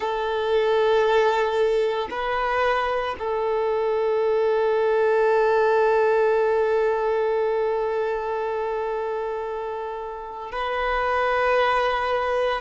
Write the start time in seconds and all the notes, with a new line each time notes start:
0.00 A4
2.10 B4
3.18 A4
10.51 B4